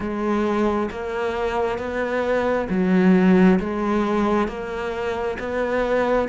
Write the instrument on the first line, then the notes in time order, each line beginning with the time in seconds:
cello
0.00 G#3
0.90 A#3
1.78 B3
2.69 F#3
3.59 G#3
4.48 A#3
5.39 B3